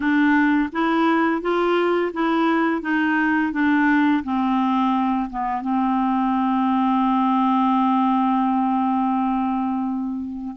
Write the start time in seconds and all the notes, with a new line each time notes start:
0.00 D4
0.72 E4
1.41 F4
2.13 E4
2.81 D#4
3.52 D4
4.23 C4
5.29 B3
5.61 C4